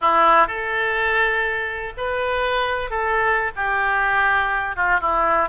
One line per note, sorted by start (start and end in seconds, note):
0.01 0.47 E4
0.47 1.93 A4
1.97 2.90 B4
2.90 3.51 A4
3.55 4.76 G4
4.76 5.00 F4
5.00 5.49 E4